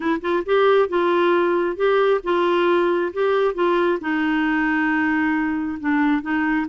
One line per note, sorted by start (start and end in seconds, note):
0.00 0.20 E4
0.21 0.43 F4
0.45 0.88 G4
0.88 1.76 F4
1.76 2.20 G4
2.23 3.12 F4
3.13 3.54 G4
3.54 3.98 F4
4.00 5.78 D#4
5.80 6.21 D4
6.21 6.66 D#4